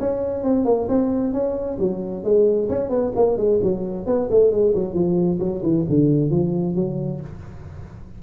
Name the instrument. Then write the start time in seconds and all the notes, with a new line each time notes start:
tuba
0.00 C#4
0.43 C4
0.65 A#3
0.89 C4
1.33 C#4
1.79 F#3
2.24 G#3
2.69 C#4
2.89 B3
3.16 A#3
3.37 G#3
3.63 F#3
4.07 B3
4.31 A3
4.52 G#3
4.75 F#3
4.94 F3
5.40 F#3
5.63 E3
5.89 D3
6.31 F3
6.75 F#3